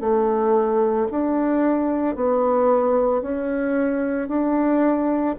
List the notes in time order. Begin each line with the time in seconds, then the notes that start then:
0.00 A3
1.11 D4
2.15 B3
3.21 C#4
4.28 D4